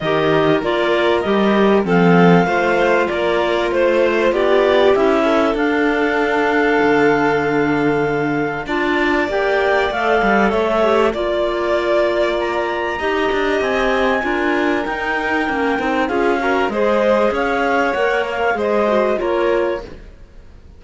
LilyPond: <<
  \new Staff \with { instrumentName = "clarinet" } { \time 4/4 \tempo 4 = 97 dis''4 d''4 dis''4 f''4~ | f''4 d''4 c''4 d''4 | e''4 f''2.~ | f''2 a''4 g''4 |
f''4 e''4 d''2 | ais''2 gis''2 | g''2 f''4 dis''4 | f''4 fis''8 f''8 dis''4 cis''4 | }
  \new Staff \with { instrumentName = "violin" } { \time 4/4 ais'2. a'4 | c''4 ais'4 c''4 g'4~ | g'8 a'2.~ a'8~ | a'2 d''2~ |
d''4 cis''4 d''2~ | d''4 dis''2 ais'4~ | ais'2 gis'8 ais'8 c''4 | cis''2 c''4 ais'4 | }
  \new Staff \with { instrumentName = "clarinet" } { \time 4/4 g'4 f'4 g'4 c'4 | f'1 | e'4 d'2.~ | d'2 f'4 g'4 |
a'4. g'8 f'2~ | f'4 g'2 f'4 | dis'4 cis'8 dis'8 f'8 fis'8 gis'4~ | gis'4 ais'4 gis'8 fis'8 f'4 | }
  \new Staff \with { instrumentName = "cello" } { \time 4/4 dis4 ais4 g4 f4 | a4 ais4 a4 b4 | cis'4 d'2 d4~ | d2 d'4 ais4 |
a8 g8 a4 ais2~ | ais4 dis'8 d'8 c'4 d'4 | dis'4 ais8 c'8 cis'4 gis4 | cis'4 ais4 gis4 ais4 | }
>>